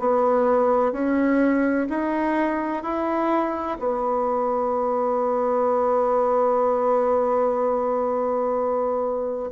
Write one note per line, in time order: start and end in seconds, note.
0.00 0.93 B3
0.93 1.88 C#4
1.90 2.84 D#4
2.84 3.79 E4
3.79 9.51 B3